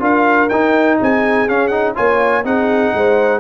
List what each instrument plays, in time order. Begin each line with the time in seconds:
0.00 tuba D4, trombone F4, horn A#4, trumpet F5
0.49 tuba D#4, trombone D#4, trumpet G5
0.99 tuba C4, horn G#4, trumpet G#5
1.49 tuba C#4, trombone C#4, trumpet F5
1.68 trombone D#4, trumpet F#5
1.95 tuba A#3, trombone F4, horn C#5, trumpet G#5
2.44 tuba C4, trombone D#4, horn G#4, trumpet F#5
2.94 tuba G#3, horn C5